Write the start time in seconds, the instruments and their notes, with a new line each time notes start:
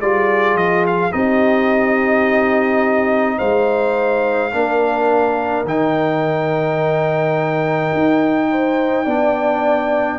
0.00 tuba G3, trombone F4, horn G#4, trumpet D5
0.54 tuba F3, trumpet D#5
0.86 trumpet F5
1.11 tuba C4, trombone D#4, horn G4, trumpet D#5
3.38 tuba G#3, horn C5, trumpet F5
4.52 tuba A#3, trombone D4, horn A#4
5.64 tuba D#3, trombone D#4, trumpet G5
7.93 tuba D#4
8.50 horn C5
9.04 tuba B3, trombone D4, horn D5